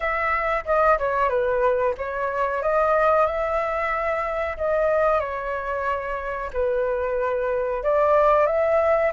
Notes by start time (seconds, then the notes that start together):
0.00 E5
0.65 D#5
0.98 C#5
1.29 B4
1.97 C#5
2.62 D#5
3.26 E5
4.57 D#5
5.19 C#5
6.53 B4
7.83 D5
8.46 E5